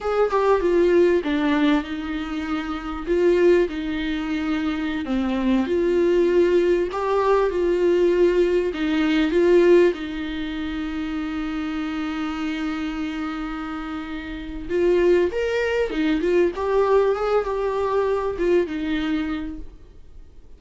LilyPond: \new Staff \with { instrumentName = "viola" } { \time 4/4 \tempo 4 = 98 gis'8 g'8 f'4 d'4 dis'4~ | dis'4 f'4 dis'2~ | dis'16 c'4 f'2 g'8.~ | g'16 f'2 dis'4 f'8.~ |
f'16 dis'2.~ dis'8.~ | dis'1 | f'4 ais'4 dis'8 f'8 g'4 | gis'8 g'4. f'8 dis'4. | }